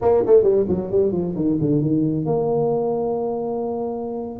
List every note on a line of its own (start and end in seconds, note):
0.01 0.24 A#3
0.26 0.43 A3
0.43 0.65 G3
0.68 0.91 F#3
0.91 1.12 G3
1.12 1.34 F3
1.35 1.58 D#3
1.60 1.81 D3
1.81 2.25 D#3
2.25 4.39 A#3